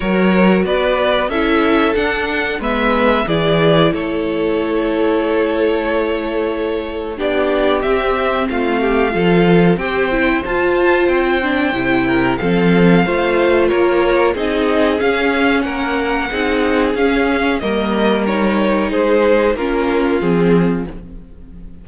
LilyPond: <<
  \new Staff \with { instrumentName = "violin" } { \time 4/4 \tempo 4 = 92 cis''4 d''4 e''4 fis''4 | e''4 d''4 cis''2~ | cis''2. d''4 | e''4 f''2 g''4 |
a''4 g''2 f''4~ | f''4 cis''4 dis''4 f''4 | fis''2 f''4 dis''4 | cis''4 c''4 ais'4 gis'4 | }
  \new Staff \with { instrumentName = "violin" } { \time 4/4 ais'4 b'4 a'2 | b'4 gis'4 a'2~ | a'2. g'4~ | g'4 f'8 g'8 a'4 c''4~ |
c''2~ c''8 ais'8 a'4 | c''4 ais'4 gis'2 | ais'4 gis'2 ais'4~ | ais'4 gis'4 f'2 | }
  \new Staff \with { instrumentName = "viola" } { \time 4/4 fis'2 e'4 d'4 | b4 e'2.~ | e'2. d'4 | c'2 f'4 g'8 e'8 |
f'4. d'8 e'4 c'4 | f'2 dis'4 cis'4~ | cis'4 dis'4 cis'4 ais4 | dis'2 cis'4 c'4 | }
  \new Staff \with { instrumentName = "cello" } { \time 4/4 fis4 b4 cis'4 d'4 | gis4 e4 a2~ | a2. b4 | c'4 a4 f4 c'4 |
f'4 c'4 c4 f4 | a4 ais4 c'4 cis'4 | ais4 c'4 cis'4 g4~ | g4 gis4 ais4 f4 | }
>>